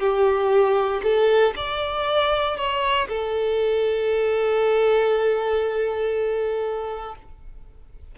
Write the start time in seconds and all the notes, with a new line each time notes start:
0.00 G4
1.04 A4
1.57 D5
2.57 C#5
3.09 A4